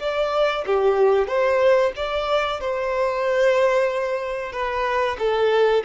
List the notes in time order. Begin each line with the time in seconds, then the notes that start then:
0.00 D5
0.66 G4
1.27 C5
1.96 D5
2.60 C5
4.52 B4
5.19 A4